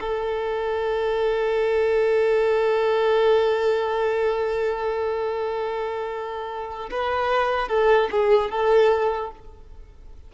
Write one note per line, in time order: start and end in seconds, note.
0.00 6.89 A4
6.91 7.68 B4
7.68 8.09 A4
8.11 8.50 G#4
8.50 9.31 A4